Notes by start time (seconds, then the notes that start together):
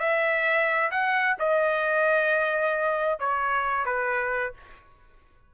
0.00 E5
0.91 F#5
1.39 D#5
3.19 C#5
3.86 B4